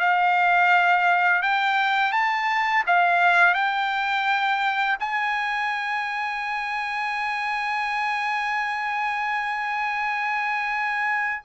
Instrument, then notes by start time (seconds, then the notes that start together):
trumpet
0.00 F5
1.43 G5
2.13 A5
2.87 F5
3.55 G5
5.00 G#5